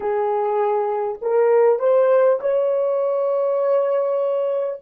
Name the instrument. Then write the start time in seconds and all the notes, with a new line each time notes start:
horn
0.00 G#4
1.21 A#4
1.79 C5
2.40 C#5